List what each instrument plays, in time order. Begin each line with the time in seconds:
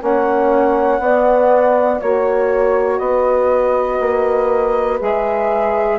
0.00 bassoon A#3, saxophone C#4, horn C#5, flute F#5
1.00 bassoon B3, saxophone B3, horn D5
2.00 bassoon A#3, saxophone F#4, horn C#5, flute C#5
2.99 bassoon B3, horn B4, flute D#5
4.00 bassoon A#3
5.00 bassoon G#3, saxophone G#4, flute E5